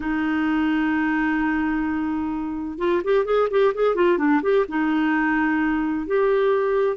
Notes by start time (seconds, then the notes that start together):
0.00 D#4
2.78 F4
3.04 G4
3.25 G#4
3.50 G4
3.74 G#4
3.95 F4
4.18 D4
4.42 G4
4.68 D#4
6.06 G4